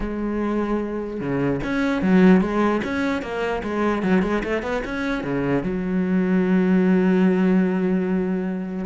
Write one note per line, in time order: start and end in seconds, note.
0.00 1.20 G#3
1.20 1.60 C#3
1.63 2.02 C#4
2.02 2.41 F#3
2.41 2.81 G#3
2.84 3.22 C#4
3.22 3.62 A#3
3.63 4.02 G#3
4.02 4.22 F#3
4.22 4.42 G#3
4.43 4.62 A3
4.62 4.82 B3
4.84 5.23 C#4
5.23 5.63 C#3
5.63 8.85 F#3